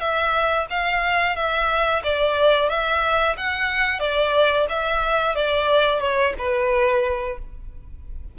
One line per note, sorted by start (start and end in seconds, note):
0.00 0.67 E5
0.70 1.36 F5
1.36 2.02 E5
2.04 2.69 D5
2.69 3.36 E5
3.38 4.00 F#5
4.00 4.66 D5
4.69 5.35 E5
5.35 6.00 D5
6.00 6.34 C#5
6.38 7.38 B4